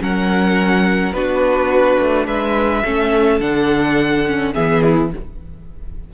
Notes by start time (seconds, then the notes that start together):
0.00 F#3 C#4 A#4 F#5
1.12 B3 D4 F#4 B4
1.99 A3
2.26 G#3 B4 E5
2.84 A3 C#4 A4
3.40 D3 D4 F#5
4.26 C#4
4.53 E3 B3 G#4 E5
4.82 E4